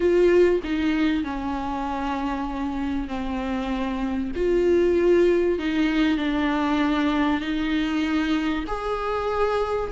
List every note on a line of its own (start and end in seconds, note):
0.00 0.60 F4
0.63 1.24 D#4
1.24 3.08 C#4
3.08 4.31 C4
4.35 5.58 F4
5.58 6.17 D#4
6.17 7.41 D4
7.41 8.64 D#4
8.67 9.91 G#4